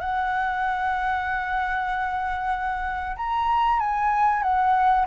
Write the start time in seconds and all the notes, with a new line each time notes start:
0.00 F#5
3.16 A#5
3.79 G#5
4.43 F#5